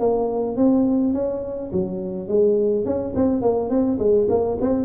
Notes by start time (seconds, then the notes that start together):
0.00 A#3
0.57 C4
1.14 C#4
1.72 F#3
2.28 G#3
2.86 C#4
3.16 C4
3.42 A#3
3.70 C4
3.99 G#3
4.29 A#3
4.61 C4